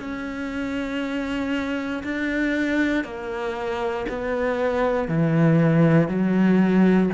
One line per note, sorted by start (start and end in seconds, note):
0.00 2.03 C#4
2.03 3.05 D4
3.05 4.06 A#3
4.09 5.08 B3
5.08 6.09 E3
6.09 7.10 F#3